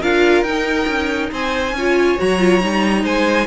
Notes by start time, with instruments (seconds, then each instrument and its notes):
0.00 cello D4, viola F4, violin A#4 F5
0.42 cello D#4, viola D#4, violin G5
0.87 cello C#4
1.31 cello C4, violin C5 G#5
1.72 cello C#4, viola F4, violin C#5
2.18 cello F#3, viola F#4, violin A#5
2.39 viola F4
2.61 cello G3, viola D#4
3.03 cello G#3, violin C5 G#5